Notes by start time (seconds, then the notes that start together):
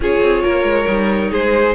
0.00 C#4 F4 G#4 C#5
0.21 C4
0.43 A#3 A#4
0.63 G#3
0.85 G3 D#4
1.31 G#3 G#4 C5